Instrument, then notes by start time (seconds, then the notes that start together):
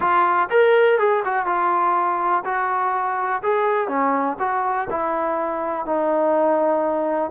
trombone
0.00 F4
0.50 A#4
0.98 G#4
1.25 F#4
1.45 F4
2.44 F#4
3.42 G#4
3.88 C#4
4.39 F#4
4.90 E4
5.85 D#4